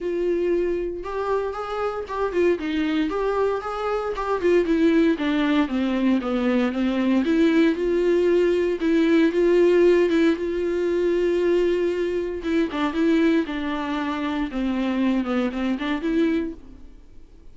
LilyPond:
\new Staff \with { instrumentName = "viola" } { \time 4/4 \tempo 4 = 116 f'2 g'4 gis'4 | g'8 f'8 dis'4 g'4 gis'4 | g'8 f'8 e'4 d'4 c'4 | b4 c'4 e'4 f'4~ |
f'4 e'4 f'4. e'8 | f'1 | e'8 d'8 e'4 d'2 | c'4. b8 c'8 d'8 e'4 | }